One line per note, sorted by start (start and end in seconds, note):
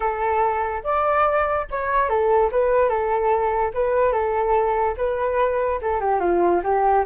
0.00 0.82 A4
0.83 1.66 D5
1.70 2.09 C#5
2.09 2.50 A4
2.51 2.89 B4
2.89 3.72 A4
3.74 4.12 B4
4.12 4.95 A4
4.97 5.80 B4
5.81 6.00 A4
6.00 6.20 G4
6.20 6.61 F4
6.63 7.05 G4